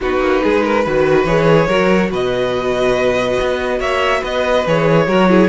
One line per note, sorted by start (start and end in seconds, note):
0.00 0.20 B3
0.00 0.85 D#4
0.00 0.43 F#4
0.00 1.25 B4
0.20 0.41 A#3
0.43 0.86 G#3
0.43 0.64 G#4
0.64 0.84 A#4
0.84 1.24 D#3
0.84 1.27 F#4
0.84 1.67 B4
1.24 1.67 E3
1.24 1.69 G#4
1.24 2.10 C#5
1.67 2.10 F#3
1.67 4.65 F#4
1.67 2.09 A#4
2.11 3.38 B2
2.11 3.79 B4
2.11 3.80 D#5
3.40 3.79 B3
3.79 4.22 A#3
3.79 4.19 C#5
3.79 4.23 E5
4.19 4.65 B3
4.19 5.03 B4
4.19 4.66 D#5
4.66 5.07 E3
4.66 5.08 G#4
4.66 5.48 C#5
5.07 5.48 F#3
5.07 5.28 F#4
5.07 5.29 A#4
5.28 5.48 E4
5.28 5.48 G#4